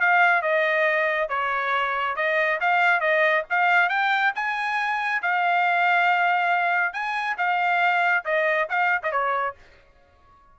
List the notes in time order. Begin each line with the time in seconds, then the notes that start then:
0.00 F5
0.42 D#5
1.29 C#5
2.16 D#5
2.60 F5
3.00 D#5
3.50 F5
3.89 G5
4.35 G#5
5.22 F5
6.93 G#5
7.37 F5
8.25 D#5
8.69 F5
9.03 D#5
9.12 C#5